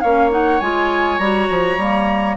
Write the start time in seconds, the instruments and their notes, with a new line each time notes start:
0.00 bassoon A#3, clarinet C#4, oboe C#5, flute F5
0.30 clarinet D#4, flute F#5
0.60 bassoon G#3, clarinet F4, flute G#5
1.18 bassoon G3, clarinet F#4, flute A#5
1.49 bassoon F3
1.77 bassoon G3, clarinet A#3